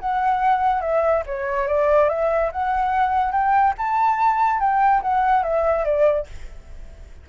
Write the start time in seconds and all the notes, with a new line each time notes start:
0.00 F#5
0.81 E5
1.26 C#5
1.67 D5
2.09 E5
2.52 F#5
3.32 G5
3.78 A5
4.60 G5
5.02 F#5
5.43 E5
5.85 D5